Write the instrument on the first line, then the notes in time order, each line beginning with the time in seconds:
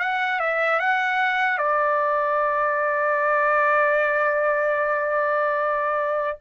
trumpet
0.00 F#5
0.40 E5
0.80 F#5
1.59 D5